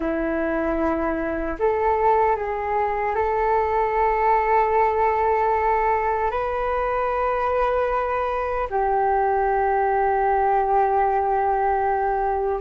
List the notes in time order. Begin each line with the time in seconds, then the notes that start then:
0.00 E4
1.59 A4
2.36 G#4
3.15 A4
6.31 B4
8.69 G4